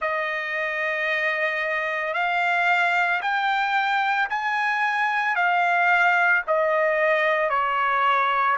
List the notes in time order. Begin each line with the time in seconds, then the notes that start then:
0.00 D#5
2.13 F5
3.21 G5
4.29 G#5
5.35 F5
6.47 D#5
7.50 C#5